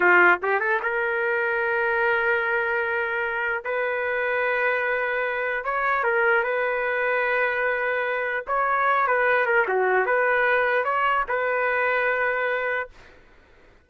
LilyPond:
\new Staff \with { instrumentName = "trumpet" } { \time 4/4 \tempo 4 = 149 f'4 g'8 a'8 ais'2~ | ais'1~ | ais'4 b'2.~ | b'2 cis''4 ais'4 |
b'1~ | b'4 cis''4. b'4 ais'8 | fis'4 b'2 cis''4 | b'1 | }